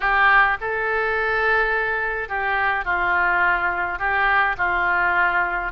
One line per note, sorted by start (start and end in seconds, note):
0.00 0.57 G4
0.60 2.28 A4
2.28 2.84 G4
2.84 3.98 F4
3.98 4.56 G4
4.57 5.72 F4